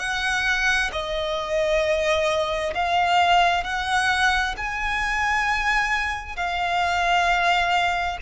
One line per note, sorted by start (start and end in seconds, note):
0.00 0.91 F#5
0.93 2.74 D#5
2.75 3.64 F5
3.64 4.55 F#5
4.57 6.36 G#5
6.36 8.18 F5